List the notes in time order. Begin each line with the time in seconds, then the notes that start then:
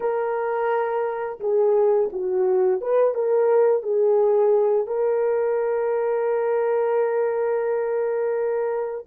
0.00 A#4
1.40 G#4
2.12 F#4
2.81 B4
3.14 A#4
3.82 G#4
4.86 A#4